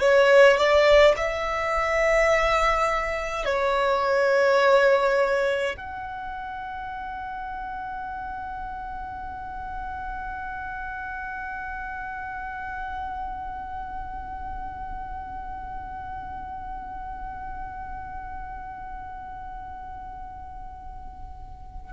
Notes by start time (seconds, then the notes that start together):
0.00 C#5
0.57 D5
1.17 E5
3.46 C#5
5.77 F#5